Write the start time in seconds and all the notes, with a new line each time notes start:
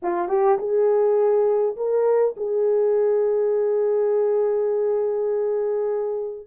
0.02 F4
0.28 G4
0.58 G#4
1.76 A#4
2.37 G#4